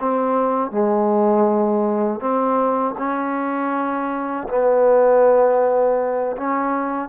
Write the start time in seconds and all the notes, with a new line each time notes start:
0.00 C4
0.71 G#3
2.20 C4
2.98 C#4
4.48 B3
6.36 C#4